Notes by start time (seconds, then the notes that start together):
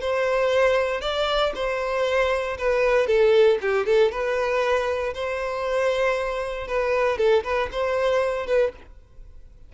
0.00 C5
1.01 D5
1.55 C5
2.57 B4
3.07 A4
3.61 G4
3.85 A4
4.11 B4
5.14 C5
6.67 B4
7.17 A4
7.43 B4
7.71 C5
8.46 B4